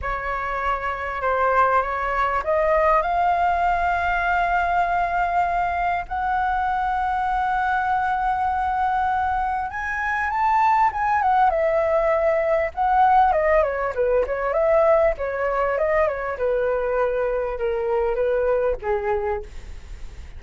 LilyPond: \new Staff \with { instrumentName = "flute" } { \time 4/4 \tempo 4 = 99 cis''2 c''4 cis''4 | dis''4 f''2.~ | f''2 fis''2~ | fis''1 |
gis''4 a''4 gis''8 fis''8 e''4~ | e''4 fis''4 dis''8 cis''8 b'8 cis''8 | e''4 cis''4 dis''8 cis''8 b'4~ | b'4 ais'4 b'4 gis'4 | }